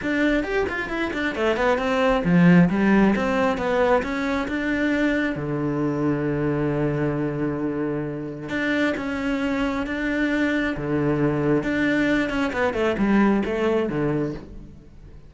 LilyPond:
\new Staff \with { instrumentName = "cello" } { \time 4/4 \tempo 4 = 134 d'4 g'8 f'8 e'8 d'8 a8 b8 | c'4 f4 g4 c'4 | b4 cis'4 d'2 | d1~ |
d2. d'4 | cis'2 d'2 | d2 d'4. cis'8 | b8 a8 g4 a4 d4 | }